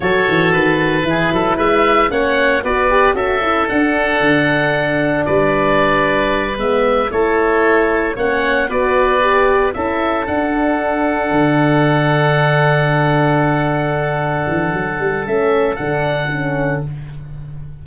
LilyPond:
<<
  \new Staff \with { instrumentName = "oboe" } { \time 4/4 \tempo 4 = 114 cis''4 b'2 e''4 | fis''4 d''4 e''4 fis''4~ | fis''2 d''2~ | d''8 e''4 cis''2 fis''8~ |
fis''8 d''2 e''4 fis''8~ | fis''1~ | fis''1~ | fis''4 e''4 fis''2 | }
  \new Staff \with { instrumentName = "oboe" } { \time 4/4 a'2 gis'8 a'8 b'4 | cis''4 b'4 a'2~ | a'2 b'2~ | b'4. a'2 cis''8~ |
cis''8 b'2 a'4.~ | a'1~ | a'1~ | a'1 | }
  \new Staff \with { instrumentName = "horn" } { \time 4/4 fis'2 e'2 | cis'4 fis'8 g'8 fis'8 e'8 d'4~ | d'1~ | d'8 b4 e'2 cis'8~ |
cis'8 fis'4 g'4 e'4 d'8~ | d'1~ | d'1~ | d'4 cis'4 d'4 cis'4 | }
  \new Staff \with { instrumentName = "tuba" } { \time 4/4 fis8 e8 dis4 e8 fis8 gis4 | ais4 b4 cis'4 d'4 | d2 g2~ | g8 gis4 a2 ais8~ |
ais8 b2 cis'4 d'8~ | d'4. d2~ d8~ | d2.~ d8 e8 | fis8 g8 a4 d2 | }
>>